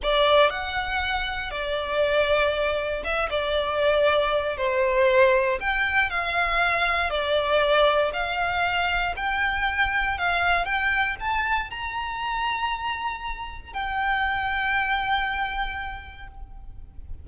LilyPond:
\new Staff \with { instrumentName = "violin" } { \time 4/4 \tempo 4 = 118 d''4 fis''2 d''4~ | d''2 e''8 d''4.~ | d''4 c''2 g''4 | f''2 d''2 |
f''2 g''2 | f''4 g''4 a''4 ais''4~ | ais''2. g''4~ | g''1 | }